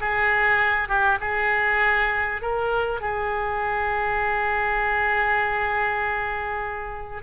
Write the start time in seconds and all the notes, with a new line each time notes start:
0.00 G#4
0.88 G4
1.20 G#4
2.42 A#4
3.00 G#4